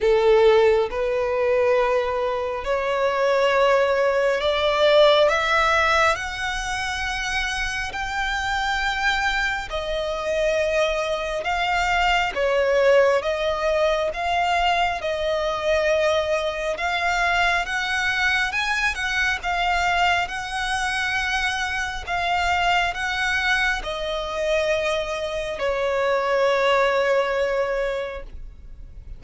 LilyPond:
\new Staff \with { instrumentName = "violin" } { \time 4/4 \tempo 4 = 68 a'4 b'2 cis''4~ | cis''4 d''4 e''4 fis''4~ | fis''4 g''2 dis''4~ | dis''4 f''4 cis''4 dis''4 |
f''4 dis''2 f''4 | fis''4 gis''8 fis''8 f''4 fis''4~ | fis''4 f''4 fis''4 dis''4~ | dis''4 cis''2. | }